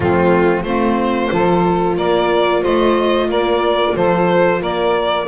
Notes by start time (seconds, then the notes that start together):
0.00 F3 A3 C4 F4
0.62 A3 C4 F4 C5
1.30 F3 F4 A4
1.96 A#3 A#4 D5
2.62 A3 C5 D#5
3.28 A#3 A#4 D5
3.95 F3 A4 C5
4.60 A#3 A#4 D5